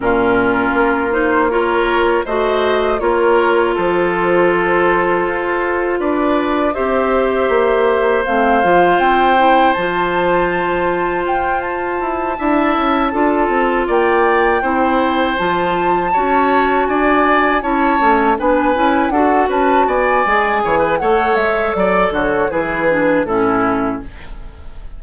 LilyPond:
<<
  \new Staff \with { instrumentName = "flute" } { \time 4/4 \tempo 4 = 80 ais'4. c''8 cis''4 dis''4 | cis''4 c''2. | d''4 e''2 f''4 | g''4 a''2 g''8 a''8~ |
a''2~ a''8 g''4.~ | g''8 a''2 gis''4 a''8~ | a''8 gis''4 fis''8 a''8 gis''4. | fis''8 e''8 d''8 cis''8 b'4 a'4 | }
  \new Staff \with { instrumentName = "oboe" } { \time 4/4 f'2 ais'4 c''4 | ais'4 a'2. | b'4 c''2.~ | c''1~ |
c''8 e''4 a'4 d''4 c''8~ | c''4. cis''4 d''4 cis''8~ | cis''8 b'4 a'8 b'8 d''4 cis''16 b'16 | cis''4 d''8 fis'8 gis'4 e'4 | }
  \new Staff \with { instrumentName = "clarinet" } { \time 4/4 cis'4. dis'8 f'4 fis'4 | f'1~ | f'4 g'2 c'8 f'8~ | f'8 e'8 f'2.~ |
f'8 e'4 f'2 e'8~ | e'8 f'4 fis'2 e'8 | cis'8 d'8 e'8 fis'4. gis'4 | a'2 e'8 d'8 cis'4 | }
  \new Staff \with { instrumentName = "bassoon" } { \time 4/4 ais,4 ais2 a4 | ais4 f2 f'4 | d'4 c'4 ais4 a8 f8 | c'4 f2 f'4 |
e'8 d'8 cis'8 d'8 c'8 ais4 c'8~ | c'8 f4 cis'4 d'4 cis'8 | a8 b8 cis'8 d'8 cis'8 b8 gis8 e8 | a8 gis8 fis8 d8 e4 a,4 | }
>>